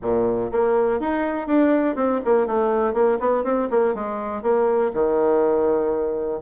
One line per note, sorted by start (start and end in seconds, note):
0.02 0.51 A#2
0.51 1.00 A#3
1.00 1.47 D#4
1.47 1.95 D4
1.95 2.20 C4
2.24 2.46 A#3
2.46 2.93 A3
2.93 3.18 A#3
3.19 3.44 B3
3.44 3.68 C4
3.70 3.94 A#3
3.94 4.42 G#3
4.42 4.91 A#3
4.93 6.41 D#3